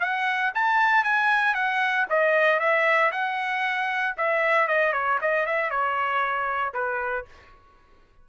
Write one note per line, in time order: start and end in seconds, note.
0.00 0.52 F#5
0.54 1.04 A5
1.04 1.54 G#5
1.54 2.06 F#5
2.09 2.59 D#5
2.59 3.11 E5
3.12 4.15 F#5
4.17 4.68 E5
4.68 4.93 D#5
4.93 5.19 C#5
5.21 5.46 D#5
5.46 5.70 E5
5.70 6.74 C#5
6.74 7.25 B4